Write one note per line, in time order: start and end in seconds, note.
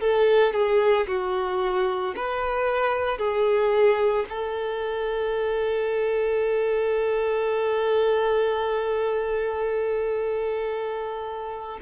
0.00 0.53 A4
0.53 1.07 G#4
1.07 2.14 F#4
2.16 3.18 B4
3.18 4.25 G#4
4.29 11.79 A4